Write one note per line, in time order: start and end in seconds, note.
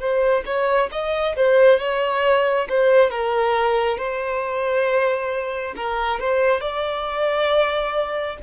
0.00 0.44 C5
0.46 0.90 C#5
0.92 1.36 D#5
1.36 1.80 C5
1.80 2.68 C#5
2.69 3.11 C5
3.11 3.98 A#4
3.98 5.74 C5
5.76 6.20 A#4
6.20 6.61 C5
6.61 8.37 D5